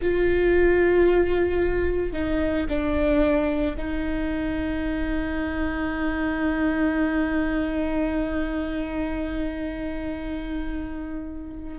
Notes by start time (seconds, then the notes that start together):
0.01 F4
2.12 D#4
2.68 D4
3.77 D#4